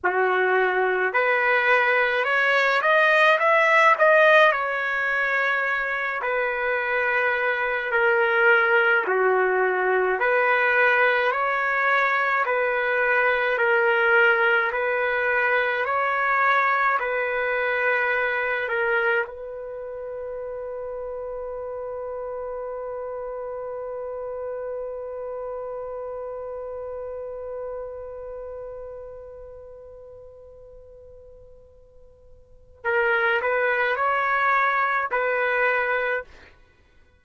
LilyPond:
\new Staff \with { instrumentName = "trumpet" } { \time 4/4 \tempo 4 = 53 fis'4 b'4 cis''8 dis''8 e''8 dis''8 | cis''4. b'4. ais'4 | fis'4 b'4 cis''4 b'4 | ais'4 b'4 cis''4 b'4~ |
b'8 ais'8 b'2.~ | b'1~ | b'1~ | b'4 ais'8 b'8 cis''4 b'4 | }